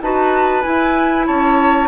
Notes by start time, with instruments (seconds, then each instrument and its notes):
0.00 bassoon D#4, clarinet F#4, oboe B4, flute A5
0.62 clarinet E4, bassoon E4, flute G#5
1.26 bassoon C#4, oboe C#5, flute A5